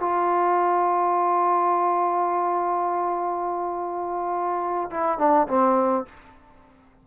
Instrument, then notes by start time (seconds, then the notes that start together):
trombone
0.00 F4
4.91 E4
5.18 D4
5.47 C4